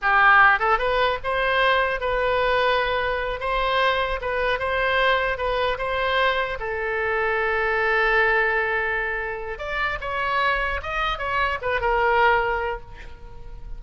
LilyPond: \new Staff \with { instrumentName = "oboe" } { \time 4/4 \tempo 4 = 150 g'4. a'8 b'4 c''4~ | c''4 b'2.~ | b'8 c''2 b'4 c''8~ | c''4. b'4 c''4.~ |
c''8 a'2.~ a'8~ | a'1 | d''4 cis''2 dis''4 | cis''4 b'8 ais'2~ ais'8 | }